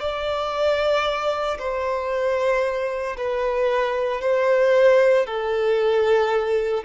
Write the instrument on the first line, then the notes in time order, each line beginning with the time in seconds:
violin
0.00 D5
1.58 C5
3.17 B4
4.21 C5
5.26 A4